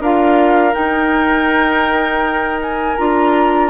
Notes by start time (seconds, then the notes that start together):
0.00 D4 F4 A#4 F5
0.72 D#4 G5
2.62 G#5
2.97 D4 F4 A#5